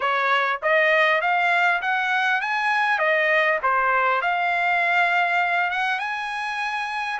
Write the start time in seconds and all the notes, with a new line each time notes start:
0.00 C#5
0.62 D#5
1.21 F5
1.81 F#5
2.41 G#5
2.98 D#5
3.62 C5
4.21 F5
5.70 F#5
5.99 G#5